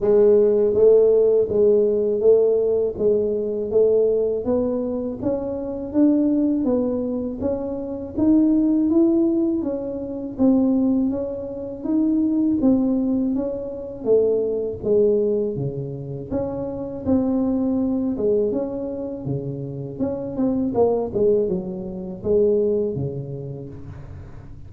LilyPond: \new Staff \with { instrumentName = "tuba" } { \time 4/4 \tempo 4 = 81 gis4 a4 gis4 a4 | gis4 a4 b4 cis'4 | d'4 b4 cis'4 dis'4 | e'4 cis'4 c'4 cis'4 |
dis'4 c'4 cis'4 a4 | gis4 cis4 cis'4 c'4~ | c'8 gis8 cis'4 cis4 cis'8 c'8 | ais8 gis8 fis4 gis4 cis4 | }